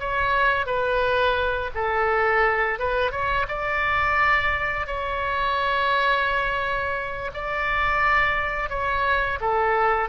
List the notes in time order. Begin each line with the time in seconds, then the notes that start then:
0.00 C#5
0.66 B4
1.75 A4
2.79 B4
3.11 C#5
3.49 D5
4.87 C#5
7.34 D5
8.70 C#5
9.41 A4